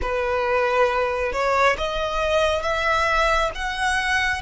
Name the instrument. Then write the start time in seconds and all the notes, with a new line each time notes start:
violin
0.01 B4
1.32 C#5
1.77 D#5
2.62 E5
3.55 F#5